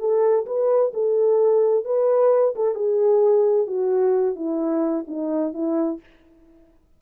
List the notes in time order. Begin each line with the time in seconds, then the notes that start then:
0.00 A4
0.46 B4
0.94 A4
1.85 B4
2.56 A4
2.75 G#4
3.67 F#4
4.36 E4
5.08 D#4
5.54 E4